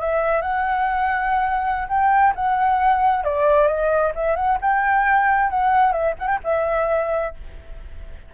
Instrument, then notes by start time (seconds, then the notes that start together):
flute
0.00 E5
0.41 F#5
1.88 G5
2.36 F#5
3.24 D5
3.67 D#5
4.15 E5
4.36 F#5
4.62 G5
5.50 F#5
5.92 E5
6.19 F#5
6.28 G5
6.44 E5